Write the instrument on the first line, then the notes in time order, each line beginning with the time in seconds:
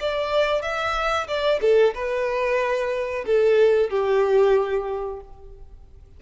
violin
0.00 D5
0.62 E5
1.27 D5
1.61 A4
1.94 B4
3.26 A4
3.90 G4